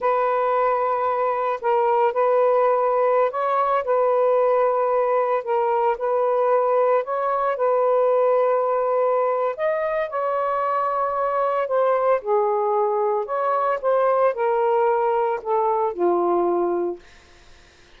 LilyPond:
\new Staff \with { instrumentName = "saxophone" } { \time 4/4 \tempo 4 = 113 b'2. ais'4 | b'2~ b'16 cis''4 b'8.~ | b'2~ b'16 ais'4 b'8.~ | b'4~ b'16 cis''4 b'4.~ b'16~ |
b'2 dis''4 cis''4~ | cis''2 c''4 gis'4~ | gis'4 cis''4 c''4 ais'4~ | ais'4 a'4 f'2 | }